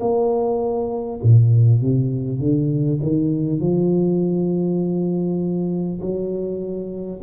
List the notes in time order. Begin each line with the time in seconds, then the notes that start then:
0.00 A#3
1.23 A#2
1.81 C3
2.39 D3
3.02 D#3
3.60 F3
6.01 F#3